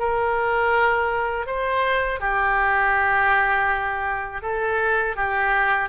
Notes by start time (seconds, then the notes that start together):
0.00 A#4
1.47 C5
2.21 G4
4.42 A4
5.16 G4